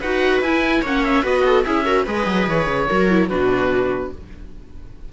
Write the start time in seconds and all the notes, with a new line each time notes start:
0.00 D#4 F#4 B4 F#5
0.40 E4 G#5
0.82 A#3 C#4 C#5 F#5
1.04 E5
1.23 B3 F#4 B4 D#5
1.46 A4
1.64 C#4 E4 G#4 E5
1.85 F#4 A#4
2.05 G#3 G#4 B4 D#5
2.26 F#3
2.47 E3 C#5
2.66 C#3
2.89 F#3 F#4 A#4
3.10 E4
3.29 B2 D4 F#4 B4